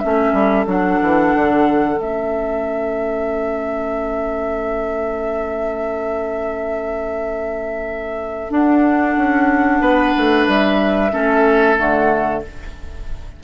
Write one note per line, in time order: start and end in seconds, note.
0.00 0.33 A3
0.00 0.67 C#4
0.00 9.81 A4
0.00 0.65 E5
0.33 0.66 G3
0.67 0.99 F#3
0.67 1.96 D4
0.67 2.01 F#5
1.03 1.35 E3
1.35 1.98 D3
1.96 8.50 A3
1.96 8.48 C#4
1.96 8.53 E5
8.51 11.12 D4
8.51 9.16 D4
8.51 10.47 F#5
9.17 9.81 C#4
9.81 10.13 B3
9.81 11.12 B4
10.18 10.48 A3
10.47 11.13 G3
10.47 11.77 E5
11.12 11.79 A3
11.12 11.77 C#4
11.12 12.44 A4
11.77 12.44 D3
11.77 12.43 A3
11.77 12.43 F#5